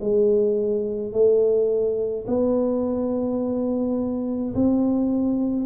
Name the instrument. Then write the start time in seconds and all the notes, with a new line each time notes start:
tuba
0.00 G#3
1.12 A3
2.27 B3
4.54 C4